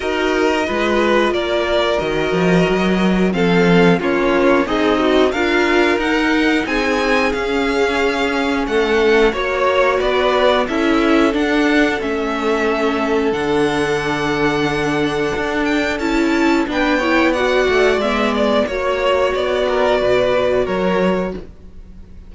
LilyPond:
<<
  \new Staff \with { instrumentName = "violin" } { \time 4/4 \tempo 4 = 90 dis''2 d''4 dis''4~ | dis''4 f''4 cis''4 dis''4 | f''4 fis''4 gis''4 f''4~ | f''4 fis''4 cis''4 d''4 |
e''4 fis''4 e''2 | fis''2.~ fis''8 g''8 | a''4 g''4 fis''4 e''8 d''8 | cis''4 d''2 cis''4 | }
  \new Staff \with { instrumentName = "violin" } { \time 4/4 ais'4 b'4 ais'2~ | ais'4 a'4 f'4 dis'4 | ais'2 gis'2~ | gis'4 a'4 cis''4 b'4 |
a'1~ | a'1~ | a'4 b'8 cis''8 d''2 | cis''4. ais'8 b'4 ais'4 | }
  \new Staff \with { instrumentName = "viola" } { \time 4/4 fis'4 f'2 fis'4~ | fis'4 c'4 cis'4 gis'8 fis'8 | f'4 dis'2 cis'4~ | cis'2 fis'2 |
e'4 d'4 cis'2 | d'1 | e'4 d'8 e'8 fis'4 b4 | fis'1 | }
  \new Staff \with { instrumentName = "cello" } { \time 4/4 dis'4 gis4 ais4 dis8 f8 | fis4 f4 ais4 c'4 | d'4 dis'4 c'4 cis'4~ | cis'4 a4 ais4 b4 |
cis'4 d'4 a2 | d2. d'4 | cis'4 b4. a8 gis4 | ais4 b4 b,4 fis4 | }
>>